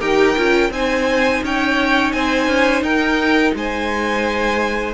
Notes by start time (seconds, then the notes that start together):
0.00 D#4 G4 A#4 G5
0.37 C#4 F4
0.71 C4 D#4 C5 G#5
1.43 C#4 C#5 G5
2.12 C4 C5 G#5
2.48 C#4
2.82 D#4 A#4 G5
3.55 G#3 C5 G#5